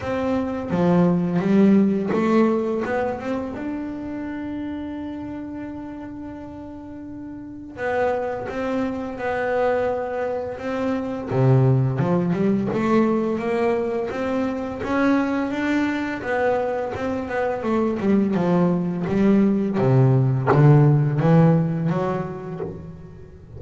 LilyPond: \new Staff \with { instrumentName = "double bass" } { \time 4/4 \tempo 4 = 85 c'4 f4 g4 a4 | b8 c'8 d'2.~ | d'2. b4 | c'4 b2 c'4 |
c4 f8 g8 a4 ais4 | c'4 cis'4 d'4 b4 | c'8 b8 a8 g8 f4 g4 | c4 d4 e4 fis4 | }